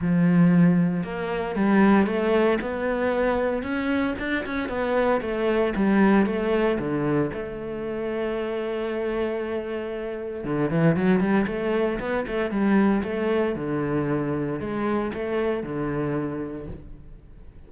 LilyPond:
\new Staff \with { instrumentName = "cello" } { \time 4/4 \tempo 4 = 115 f2 ais4 g4 | a4 b2 cis'4 | d'8 cis'8 b4 a4 g4 | a4 d4 a2~ |
a1 | d8 e8 fis8 g8 a4 b8 a8 | g4 a4 d2 | gis4 a4 d2 | }